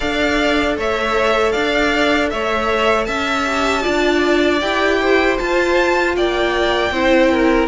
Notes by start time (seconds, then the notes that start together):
0.00 D4 A4 D5 F5
0.77 A3 C#5 E5
1.51 D4 D5 F5
2.29 A3 C#5 E5
3.04 C#4 E5 A5
3.45 G4
3.82 D4 F4 D5
4.60 E4 G4 G5
5.00 C5
5.38 F4 A5
6.16 A#3 D5 G5
6.91 C4 E4 C5
7.31 A#4